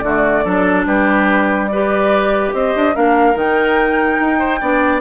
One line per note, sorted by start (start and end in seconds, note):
0.00 0.45 D3
0.00 0.45 A3
0.00 0.45 F#4
0.00 0.83 D5
0.45 0.86 F#3
0.45 1.70 D4
0.45 0.86 A4
0.86 2.53 G3
0.86 1.70 G4
0.86 1.67 B4
1.67 2.94 G4
1.67 2.55 B4
1.67 2.51 D5
2.53 2.74 C4
2.53 2.95 C5
2.53 2.96 D#5
2.76 2.97 D4
2.94 3.35 A#3
2.94 3.34 D4
2.94 4.39 A#4
2.94 3.38 F5
3.34 4.18 D#3
3.34 4.59 D#4
3.34 5.01 G5
4.20 4.62 D#4
4.39 4.60 C5
4.61 5.01 B3
4.61 5.01 D4
4.61 5.01 D5